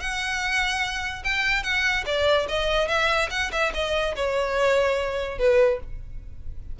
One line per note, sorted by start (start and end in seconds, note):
0.00 1.23 F#5
1.24 1.63 G5
1.63 2.04 F#5
2.06 2.47 D5
2.48 2.88 D#5
2.88 3.29 E5
3.30 3.51 F#5
3.52 3.72 E5
3.74 4.15 D#5
4.16 5.38 C#5
5.38 5.79 B4